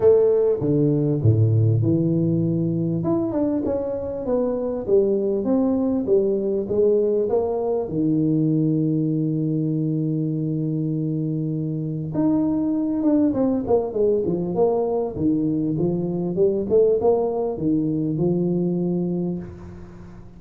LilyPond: \new Staff \with { instrumentName = "tuba" } { \time 4/4 \tempo 4 = 99 a4 d4 a,4 e4~ | e4 e'8 d'8 cis'4 b4 | g4 c'4 g4 gis4 | ais4 dis2.~ |
dis1 | dis'4. d'8 c'8 ais8 gis8 f8 | ais4 dis4 f4 g8 a8 | ais4 dis4 f2 | }